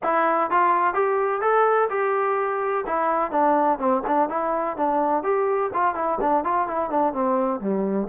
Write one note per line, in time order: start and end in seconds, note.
0.03 0.50 E4
0.50 0.94 F4
0.94 1.41 G4
1.41 1.88 A4
1.89 2.84 G4
2.86 3.31 E4
3.31 3.78 D4
3.78 4.02 C4
4.06 4.29 D4
4.29 4.76 E4
4.77 5.23 D4
5.23 5.70 G4
5.73 5.95 F4
5.95 6.18 E4
6.21 6.44 D4
6.44 6.67 F4
6.67 6.90 E4
6.90 7.13 D4
7.13 7.60 C4
7.60 8.08 G3